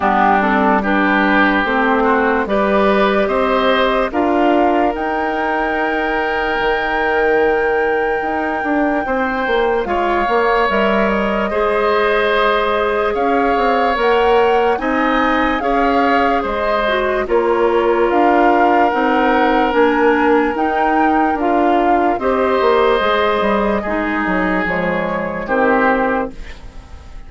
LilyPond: <<
  \new Staff \with { instrumentName = "flute" } { \time 4/4 \tempo 4 = 73 g'8 a'8 b'4 c''4 d''4 | dis''4 f''4 g''2~ | g''1 | f''4 e''8 dis''2~ dis''8 |
f''4 fis''4 gis''4 f''4 | dis''4 cis''4 f''4 fis''4 | gis''4 g''4 f''4 dis''4~ | dis''2 cis''4 c''4 | }
  \new Staff \with { instrumentName = "oboe" } { \time 4/4 d'4 g'4. fis'8 b'4 | c''4 ais'2.~ | ais'2. c''4 | cis''2 c''2 |
cis''2 dis''4 cis''4 | c''4 ais'2.~ | ais'2. c''4~ | c''4 gis'2 g'4 | }
  \new Staff \with { instrumentName = "clarinet" } { \time 4/4 b8 c'8 d'4 c'4 g'4~ | g'4 f'4 dis'2~ | dis'1 | f'8 ais8 ais'4 gis'2~ |
gis'4 ais'4 dis'4 gis'4~ | gis'8 fis'8 f'2 dis'4 | d'4 dis'4 f'4 g'4 | gis'4 dis'4 gis4 c'4 | }
  \new Staff \with { instrumentName = "bassoon" } { \time 4/4 g2 a4 g4 | c'4 d'4 dis'2 | dis2 dis'8 d'8 c'8 ais8 | gis8 ais8 g4 gis2 |
cis'8 c'8 ais4 c'4 cis'4 | gis4 ais4 d'4 c'4 | ais4 dis'4 d'4 c'8 ais8 | gis8 g8 gis8 fis8 f4 dis4 | }
>>